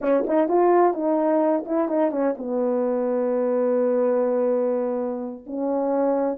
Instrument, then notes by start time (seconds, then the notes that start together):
horn
0.01 C#4
0.26 D#4
0.48 F4
0.93 D#4
1.65 E4
1.88 D#4
2.11 C#4
2.37 B3
5.46 C#4